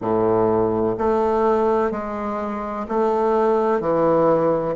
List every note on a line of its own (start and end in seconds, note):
0.01 0.96 A2
0.98 1.90 A3
1.90 2.86 G#3
2.88 3.80 A3
3.80 4.75 E3